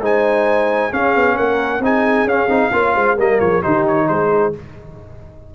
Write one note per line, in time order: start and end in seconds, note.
0.00 0.90 G#3
0.00 0.91 D#4
0.00 0.92 C5
0.00 0.93 G#5
0.91 1.82 C#4
0.91 1.15 C#4
0.91 1.36 G#4
0.91 1.37 F5
1.15 1.38 B3
1.36 1.80 A#3
1.36 1.81 A#4
1.36 1.82 F#5
1.80 2.24 C4
1.80 2.28 D#4
1.80 2.73 G#4
1.80 2.28 G#5
2.24 2.47 C#4
2.24 2.49 C#4
2.24 3.18 F5
2.48 2.71 C4
2.48 2.72 D#4
2.72 2.95 A#3
2.72 3.17 F4
2.72 2.95 C#5
2.95 3.17 G#3
2.95 3.16 C5
3.16 3.40 G3
3.16 3.62 A#3
3.16 3.39 A#4
3.16 3.40 D#5
3.40 3.63 F3
3.40 3.62 G#4
3.40 3.62 C#5
3.62 4.09 D#3
3.62 4.53 D#4
3.62 4.07 G4
3.62 3.85 C5
3.87 4.08 C#5
4.08 4.54 G#3
4.08 4.55 G#4
4.08 4.53 C5